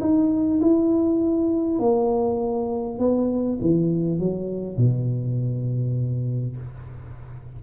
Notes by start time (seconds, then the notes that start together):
0.00 D#4
0.61 E4
1.79 A#3
2.98 B3
3.61 E3
4.19 F#3
4.76 B2